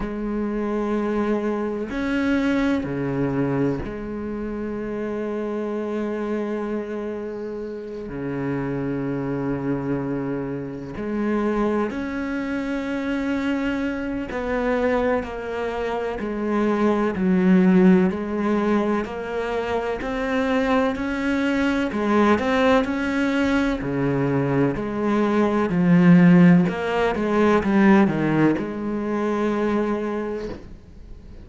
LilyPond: \new Staff \with { instrumentName = "cello" } { \time 4/4 \tempo 4 = 63 gis2 cis'4 cis4 | gis1~ | gis8 cis2. gis8~ | gis8 cis'2~ cis'8 b4 |
ais4 gis4 fis4 gis4 | ais4 c'4 cis'4 gis8 c'8 | cis'4 cis4 gis4 f4 | ais8 gis8 g8 dis8 gis2 | }